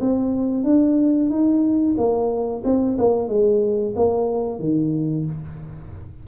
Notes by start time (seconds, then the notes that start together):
0.00 C4
0.64 D4
1.29 D#4
1.97 A#3
2.64 C4
2.98 A#3
3.28 G#3
3.96 A#3
4.59 D#3